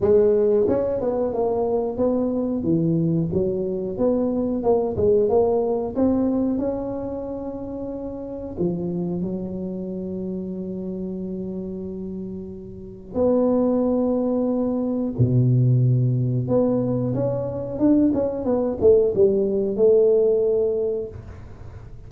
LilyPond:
\new Staff \with { instrumentName = "tuba" } { \time 4/4 \tempo 4 = 91 gis4 cis'8 b8 ais4 b4 | e4 fis4 b4 ais8 gis8 | ais4 c'4 cis'2~ | cis'4 f4 fis2~ |
fis1 | b2. b,4~ | b,4 b4 cis'4 d'8 cis'8 | b8 a8 g4 a2 | }